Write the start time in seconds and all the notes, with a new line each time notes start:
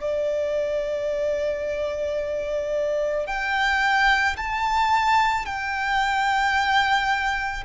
0.00 D5
3.27 G5
4.37 A5
5.45 G5